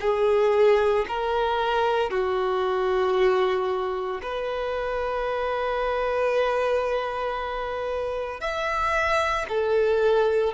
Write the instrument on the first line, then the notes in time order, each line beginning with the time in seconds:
violin
0.00 G#4
1.08 A#4
2.10 F#4
4.22 B4
8.41 E5
9.49 A4